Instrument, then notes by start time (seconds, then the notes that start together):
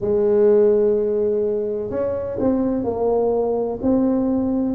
tuba
0.00 G#3
1.90 C#4
2.39 C4
2.84 A#3
3.81 C4